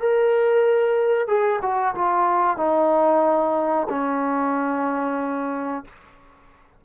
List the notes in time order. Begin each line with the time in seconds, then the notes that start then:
0.00 A#4
1.27 G#4
1.62 F#4
1.95 F4
2.57 D#4
3.89 C#4